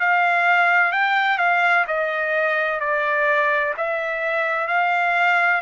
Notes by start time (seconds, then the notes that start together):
0.00 F5
0.92 G5
1.38 F5
1.87 D#5
2.80 D5
3.77 E5
4.67 F5